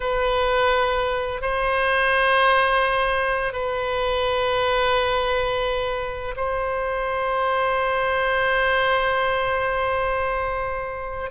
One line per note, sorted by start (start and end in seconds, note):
0.00 1.41 B4
1.41 3.52 C5
3.52 6.35 B4
6.36 11.30 C5